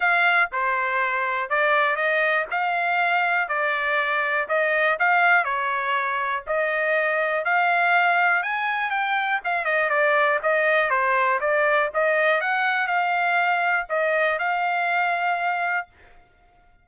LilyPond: \new Staff \with { instrumentName = "trumpet" } { \time 4/4 \tempo 4 = 121 f''4 c''2 d''4 | dis''4 f''2 d''4~ | d''4 dis''4 f''4 cis''4~ | cis''4 dis''2 f''4~ |
f''4 gis''4 g''4 f''8 dis''8 | d''4 dis''4 c''4 d''4 | dis''4 fis''4 f''2 | dis''4 f''2. | }